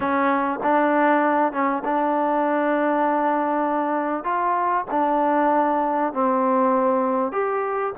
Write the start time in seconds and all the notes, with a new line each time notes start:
0.00 C#4
0.63 D4
1.52 C#4
1.84 D4
4.24 F4
4.90 D4
6.13 C4
7.32 G4